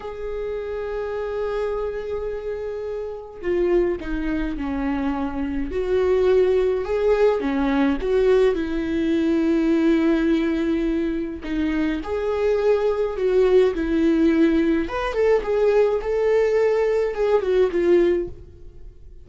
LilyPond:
\new Staff \with { instrumentName = "viola" } { \time 4/4 \tempo 4 = 105 gis'1~ | gis'2 f'4 dis'4 | cis'2 fis'2 | gis'4 cis'4 fis'4 e'4~ |
e'1 | dis'4 gis'2 fis'4 | e'2 b'8 a'8 gis'4 | a'2 gis'8 fis'8 f'4 | }